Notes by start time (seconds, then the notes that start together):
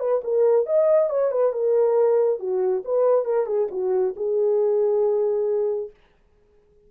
0.00 B4
0.24 A#4
0.67 D#5
1.10 C#5
1.32 B4
1.53 A#4
2.40 F#4
2.85 B4
3.25 A#4
3.47 G#4
3.72 F#4
4.17 G#4